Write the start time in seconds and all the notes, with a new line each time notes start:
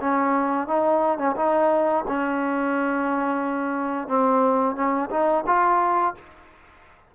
0.00 C#4
0.67 D#4
1.18 C#4
1.36 D#4
2.08 C#4
4.08 C4
4.75 C#4
5.10 D#4
5.46 F4